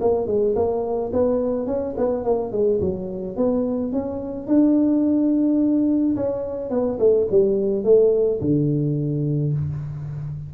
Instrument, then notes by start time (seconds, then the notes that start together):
tuba
0.00 A#3
0.27 G#3
0.55 A#3
1.13 B3
1.66 C#4
1.97 B3
2.24 A#3
2.52 G#3
2.80 F#3
3.36 B3
3.92 C#4
4.47 D4
6.16 C#4
6.70 B3
6.99 A3
7.31 G3
7.84 A3
8.40 D3